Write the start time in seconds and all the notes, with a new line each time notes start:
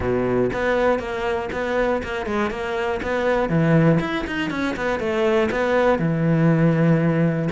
0.00 B2
0.53 B3
0.99 A#3
1.52 B3
2.02 A#3
2.26 G#3
2.50 A#3
3.02 B3
3.49 E3
4.00 E4
4.26 D#4
4.50 C#4
4.76 B3
4.99 A3
5.51 B3
5.99 E3